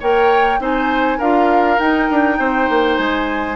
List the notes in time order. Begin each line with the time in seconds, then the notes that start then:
0.00 A#3 A#4 C#5 G5
0.59 C4 D#4 C5 G#5
1.18 D4 F4 A#4 F5
1.79 D#4 G5
2.09 D4
2.39 C4 C5
2.69 A#3
2.97 G#3 G#5